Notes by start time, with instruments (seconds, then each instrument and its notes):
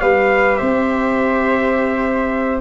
0.00 tuba G3, viola G4, flute B4, trumpet F5
0.56 tuba C4, flute C5, trumpet E5